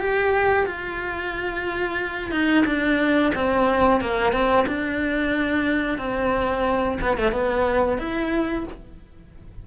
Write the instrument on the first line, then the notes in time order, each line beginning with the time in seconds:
cello
0.00 G4
0.66 F4
2.31 D#4
2.66 D4
3.35 C4
4.01 A#3
4.33 C4
4.68 D4
5.98 C4
7.01 B3
7.18 A3
7.32 B3
7.98 E4